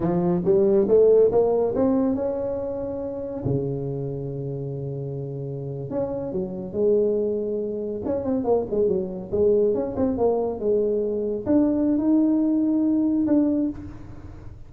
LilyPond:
\new Staff \with { instrumentName = "tuba" } { \time 4/4 \tempo 4 = 140 f4 g4 a4 ais4 | c'4 cis'2. | cis1~ | cis4.~ cis16 cis'4 fis4 gis16~ |
gis2~ gis8. cis'8 c'8 ais16~ | ais16 gis8 fis4 gis4 cis'8 c'8 ais16~ | ais8. gis2 d'4~ d'16 | dis'2. d'4 | }